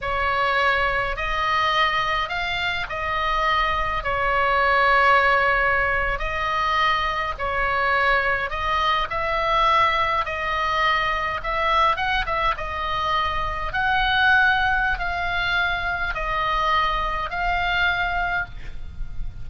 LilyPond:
\new Staff \with { instrumentName = "oboe" } { \time 4/4 \tempo 4 = 104 cis''2 dis''2 | f''4 dis''2 cis''4~ | cis''2~ cis''8. dis''4~ dis''16~ | dis''8. cis''2 dis''4 e''16~ |
e''4.~ e''16 dis''2 e''16~ | e''8. fis''8 e''8 dis''2 fis''16~ | fis''2 f''2 | dis''2 f''2 | }